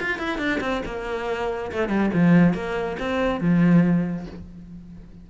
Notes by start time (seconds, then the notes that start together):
0.00 F4
0.19 E4
0.38 D4
0.60 C4
0.86 A#3
1.72 A3
1.88 G3
2.14 F3
2.53 A#3
2.99 C4
3.40 F3